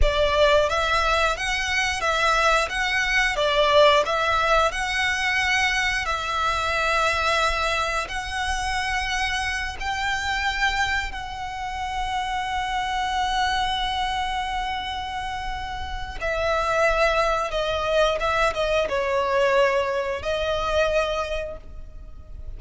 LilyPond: \new Staff \with { instrumentName = "violin" } { \time 4/4 \tempo 4 = 89 d''4 e''4 fis''4 e''4 | fis''4 d''4 e''4 fis''4~ | fis''4 e''2. | fis''2~ fis''8 g''4.~ |
g''8 fis''2.~ fis''8~ | fis''1 | e''2 dis''4 e''8 dis''8 | cis''2 dis''2 | }